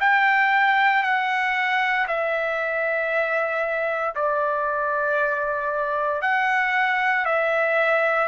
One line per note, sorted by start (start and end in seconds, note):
0.00 1.03 G5
1.03 2.06 F#5
2.07 4.14 E5
4.15 6.22 D5
6.22 7.25 F#5
7.25 8.28 E5